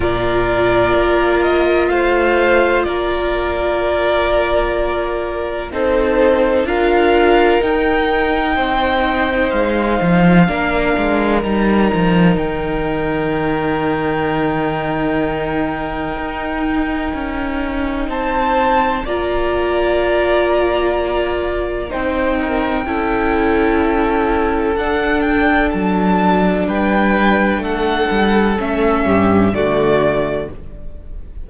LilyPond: <<
  \new Staff \with { instrumentName = "violin" } { \time 4/4 \tempo 4 = 63 d''4. dis''8 f''4 d''4~ | d''2 c''4 f''4 | g''2 f''2 | ais''4 g''2.~ |
g''2. a''4 | ais''2. g''4~ | g''2 fis''8 g''8 a''4 | g''4 fis''4 e''4 d''4 | }
  \new Staff \with { instrumentName = "violin" } { \time 4/4 ais'2 c''4 ais'4~ | ais'2 a'4 ais'4~ | ais'4 c''2 ais'4~ | ais'1~ |
ais'2. c''4 | d''2. c''8 ais'8 | a'1 | b'4 a'4. g'8 fis'4 | }
  \new Staff \with { instrumentName = "viola" } { \time 4/4 f'1~ | f'2 dis'4 f'4 | dis'2. d'4 | dis'1~ |
dis'1 | f'2. dis'4 | e'2 d'2~ | d'2 cis'4 a4 | }
  \new Staff \with { instrumentName = "cello" } { \time 4/4 ais,4 ais4 a4 ais4~ | ais2 c'4 d'4 | dis'4 c'4 gis8 f8 ais8 gis8 | g8 f8 dis2.~ |
dis4 dis'4 cis'4 c'4 | ais2. c'4 | cis'2 d'4 fis4 | g4 a8 g8 a8 g,8 d4 | }
>>